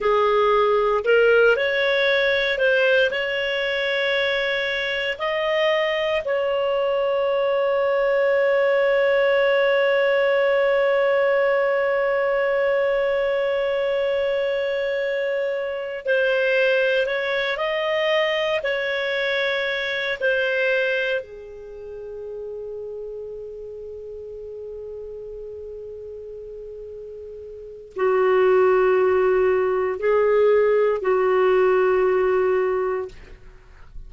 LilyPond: \new Staff \with { instrumentName = "clarinet" } { \time 4/4 \tempo 4 = 58 gis'4 ais'8 cis''4 c''8 cis''4~ | cis''4 dis''4 cis''2~ | cis''1~ | cis''2.~ cis''8 c''8~ |
c''8 cis''8 dis''4 cis''4. c''8~ | c''8 gis'2.~ gis'8~ | gis'2. fis'4~ | fis'4 gis'4 fis'2 | }